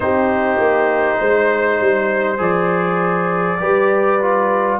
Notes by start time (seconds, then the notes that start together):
0.00 C4 D#4 G4 C5
0.58 A#3
1.18 G#3 C5
1.80 G3
2.38 F3 G#4 D5
3.59 G3 G4 B4
4.21 F4